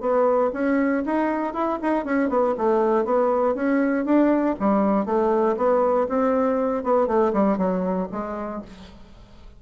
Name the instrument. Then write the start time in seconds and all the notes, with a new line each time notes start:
bassoon
0.00 B3
0.53 C#4
1.05 D#4
1.54 E4
1.82 D#4
2.05 C#4
2.29 B3
2.57 A3
3.05 B3
3.55 C#4
4.05 D4
4.59 G3
5.05 A3
5.57 B3
6.09 C4
6.83 B3
7.07 A3
7.33 G3
7.57 F#3
8.11 G#3